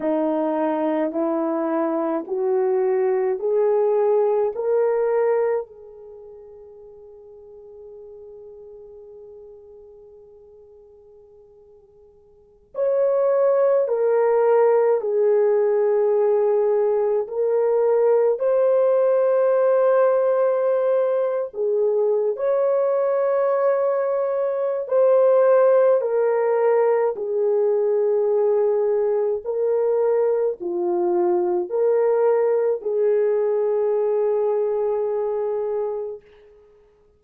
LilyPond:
\new Staff \with { instrumentName = "horn" } { \time 4/4 \tempo 4 = 53 dis'4 e'4 fis'4 gis'4 | ais'4 gis'2.~ | gis'2.~ gis'16 cis''8.~ | cis''16 ais'4 gis'2 ais'8.~ |
ais'16 c''2~ c''8. gis'8. cis''16~ | cis''2 c''4 ais'4 | gis'2 ais'4 f'4 | ais'4 gis'2. | }